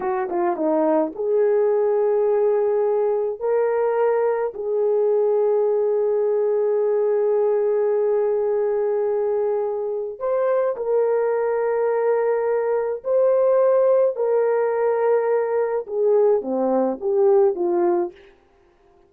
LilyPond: \new Staff \with { instrumentName = "horn" } { \time 4/4 \tempo 4 = 106 fis'8 f'8 dis'4 gis'2~ | gis'2 ais'2 | gis'1~ | gis'1~ |
gis'2 c''4 ais'4~ | ais'2. c''4~ | c''4 ais'2. | gis'4 c'4 g'4 f'4 | }